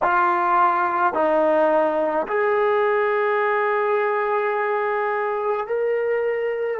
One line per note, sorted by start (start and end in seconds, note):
0.02 1.13 F4
1.13 2.26 D#4
2.27 5.67 G#4
5.67 6.79 A#4